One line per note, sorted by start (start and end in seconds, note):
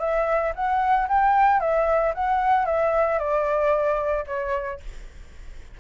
0.00 0.53 E5
0.55 1.08 F#5
1.09 1.60 G5
1.60 2.13 E5
2.15 2.66 F#5
2.66 3.19 E5
3.19 4.25 D5
4.27 4.80 C#5